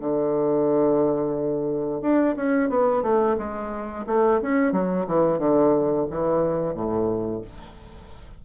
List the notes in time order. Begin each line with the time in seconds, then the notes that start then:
0.00 D3
2.02 D4
2.36 C#4
2.69 B3
3.03 A3
3.38 G#3
4.07 A3
4.42 C#4
4.72 F#3
5.07 E3
5.39 D3
6.10 E3
6.74 A2